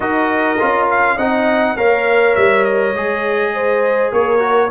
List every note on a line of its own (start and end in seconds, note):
0.00 0.57 D#4
0.00 0.57 F#4
0.00 1.15 A#4
0.00 0.88 D#5
0.59 1.16 C#4
0.59 1.18 F4
0.89 1.18 F5
1.15 1.75 C4
1.15 1.76 D#4
1.15 1.74 D#5
1.15 1.76 F#5
1.76 2.34 A#3
1.76 2.94 A#4
1.76 3.53 C#5
1.76 2.35 F5
2.35 2.94 G3
2.35 2.64 E5
2.64 4.11 D#5
2.94 4.11 G#3
2.94 4.39 G#4
3.54 4.12 C5
4.12 4.70 A#3
4.12 4.70 A#4
4.12 4.70 C#5
4.39 4.68 F#4